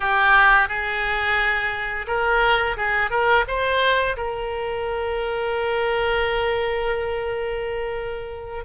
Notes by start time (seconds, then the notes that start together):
0.00 G4
0.68 G#4
2.07 A#4
2.76 G#4
3.10 A#4
3.47 C5
4.17 A#4